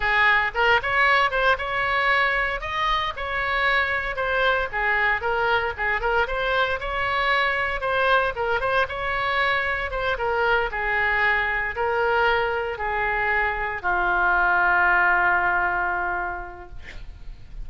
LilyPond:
\new Staff \with { instrumentName = "oboe" } { \time 4/4 \tempo 4 = 115 gis'4 ais'8 cis''4 c''8 cis''4~ | cis''4 dis''4 cis''2 | c''4 gis'4 ais'4 gis'8 ais'8 | c''4 cis''2 c''4 |
ais'8 c''8 cis''2 c''8 ais'8~ | ais'8 gis'2 ais'4.~ | ais'8 gis'2 f'4.~ | f'1 | }